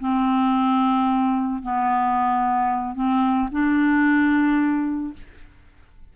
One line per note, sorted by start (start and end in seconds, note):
0.00 1.62 C4
1.63 2.95 B3
2.95 3.49 C4
3.52 5.14 D4